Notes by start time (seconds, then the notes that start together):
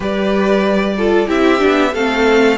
0.00 G3 G4 B4 D5
0.97 F4 A4
1.27 C4 E4 G4 E5
1.58 B3 D4
1.92 A3 C4 A4 F5